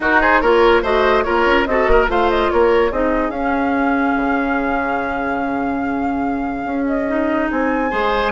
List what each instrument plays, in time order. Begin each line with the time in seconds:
0.00 bassoon D#4, clarinet D#4, oboe F#4, flute A#4
0.21 oboe G#4, flute C5
0.41 bassoon A#3, clarinet F4, oboe A#4, flute C#5
0.82 bassoon A3, clarinet F#4, oboe C5, flute D#5
1.23 bassoon A#3, clarinet F4, oboe A#4, flute C#5
1.46 bassoon C#4
1.65 bassoon C4, clarinet F#4, oboe A4, flute D#5
1.87 bassoon A#3, oboe A#4
2.07 bassoon A3, clarinet F4, oboe C5, flute F5
2.30 flute D#5
2.50 bassoon A#3, oboe A#4, flute C#5
2.91 bassoon C4, clarinet D#4, oboe G#4, flute D#5
3.29 bassoon C#4, clarinet C#4, flute F5
4.16 bassoon C#3
6.64 bassoon C#4
6.86 flute D#5
7.08 clarinet D#4
7.50 bassoon C4, flute G#5
7.90 bassoon G#3, clarinet G#4, oboe C5